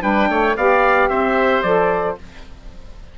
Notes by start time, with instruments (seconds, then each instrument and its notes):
0.00 bassoon G3, saxophone D4, oboe B4, trumpet G5
0.29 bassoon A3, oboe C#5
0.56 bassoon B3, saxophone G4, oboe D5, trumpet F5
1.08 bassoon C4, oboe C5, trumpet E5
1.62 bassoon F3, saxophone A4, trumpet D5